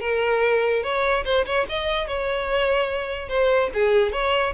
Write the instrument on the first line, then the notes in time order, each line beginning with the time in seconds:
violin
0.00 A#4
0.83 C#5
1.25 C5
1.46 C#5
1.69 D#5
2.07 C#5
3.29 C5
3.74 G#4
4.12 C#5